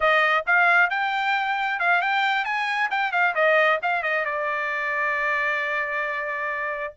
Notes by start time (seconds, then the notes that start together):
0.00 D#5
0.46 F5
0.90 G5
1.79 F5
2.01 G5
2.44 G#5
2.90 G5
3.12 F5
3.35 D#5
3.82 F5
4.02 D#5
4.25 D5